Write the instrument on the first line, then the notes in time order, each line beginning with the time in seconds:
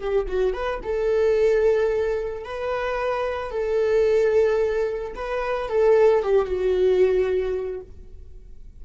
viola
0.00 G4
0.28 F#4
0.53 B4
0.83 A4
2.45 B4
3.51 A4
5.15 B4
5.69 A4
6.23 G4
6.46 F#4